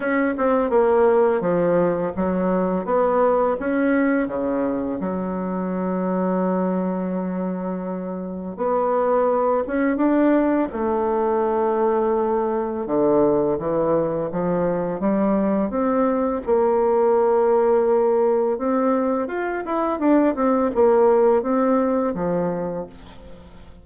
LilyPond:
\new Staff \with { instrumentName = "bassoon" } { \time 4/4 \tempo 4 = 84 cis'8 c'8 ais4 f4 fis4 | b4 cis'4 cis4 fis4~ | fis1 | b4. cis'8 d'4 a4~ |
a2 d4 e4 | f4 g4 c'4 ais4~ | ais2 c'4 f'8 e'8 | d'8 c'8 ais4 c'4 f4 | }